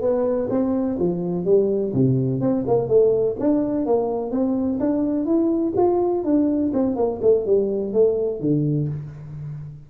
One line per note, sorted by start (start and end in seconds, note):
0.00 0.48 B3
0.49 0.97 C4
0.99 1.44 F3
1.44 1.92 G3
1.93 2.40 C3
2.40 2.64 C4
2.67 2.87 A#3
2.87 3.35 A3
3.39 3.85 D4
3.85 4.30 A#3
4.30 4.78 C4
4.80 5.25 D4
5.25 5.73 E4
5.76 6.24 F4
6.24 6.72 D4
6.73 6.95 C4
6.95 7.19 A#3
7.22 7.46 A3
7.46 7.93 G3
7.93 8.40 A3
8.40 8.88 D3